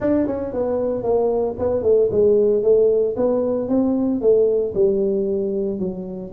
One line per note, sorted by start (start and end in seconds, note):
0.00 0.26 D4
0.26 0.53 C#4
0.53 1.03 B3
1.03 1.55 A#3
1.59 1.83 B3
1.83 2.09 A3
2.11 2.62 G#3
2.62 3.15 A3
3.16 3.68 B3
3.68 4.21 C4
4.21 4.73 A3
4.74 5.79 G3
5.79 6.31 F#3